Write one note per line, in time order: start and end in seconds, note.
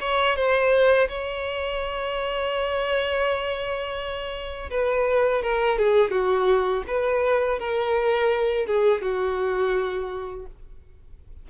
0.00 0.35 C#5
0.35 1.08 C5
1.08 4.70 C#5
4.70 5.42 B4
5.42 5.78 A#4
5.78 6.11 G#4
6.11 6.83 F#4
6.87 7.59 B4
7.59 8.66 A#4
8.66 9.01 G#4
9.01 10.46 F#4